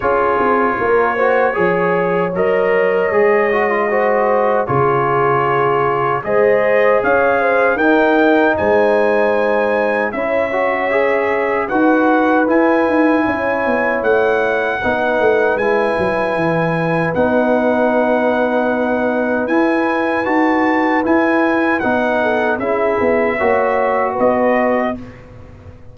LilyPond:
<<
  \new Staff \with { instrumentName = "trumpet" } { \time 4/4 \tempo 4 = 77 cis''2. dis''4~ | dis''2 cis''2 | dis''4 f''4 g''4 gis''4~ | gis''4 e''2 fis''4 |
gis''2 fis''2 | gis''2 fis''2~ | fis''4 gis''4 a''4 gis''4 | fis''4 e''2 dis''4 | }
  \new Staff \with { instrumentName = "horn" } { \time 4/4 gis'4 ais'8 c''8 cis''2~ | cis''4 c''4 gis'2 | c''4 cis''8 c''8 ais'4 c''4~ | c''4 cis''2 b'4~ |
b'4 cis''2 b'4~ | b'1~ | b'1~ | b'8 a'8 gis'4 cis''4 b'4 | }
  \new Staff \with { instrumentName = "trombone" } { \time 4/4 f'4. fis'8 gis'4 ais'4 | gis'8 fis'16 f'16 fis'4 f'2 | gis'2 dis'2~ | dis'4 e'8 fis'8 gis'4 fis'4 |
e'2. dis'4 | e'2 dis'2~ | dis'4 e'4 fis'4 e'4 | dis'4 e'4 fis'2 | }
  \new Staff \with { instrumentName = "tuba" } { \time 4/4 cis'8 c'8 ais4 f4 fis4 | gis2 cis2 | gis4 cis'4 dis'4 gis4~ | gis4 cis'2 dis'4 |
e'8 dis'8 cis'8 b8 a4 b8 a8 | gis8 fis8 e4 b2~ | b4 e'4 dis'4 e'4 | b4 cis'8 b8 ais4 b4 | }
>>